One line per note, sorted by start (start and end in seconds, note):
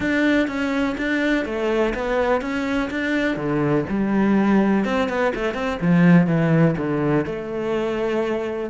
0.00 0.47 D4
0.47 0.96 C#4
0.97 1.45 D4
1.45 1.93 A3
1.94 2.41 B3
2.41 2.89 C#4
2.90 3.36 D4
3.36 3.84 D3
3.89 4.85 G3
4.85 5.08 C4
5.08 5.32 B3
5.35 5.54 A3
5.54 5.78 C4
5.81 6.26 F3
6.26 6.75 E3
6.77 7.25 D3
7.25 8.70 A3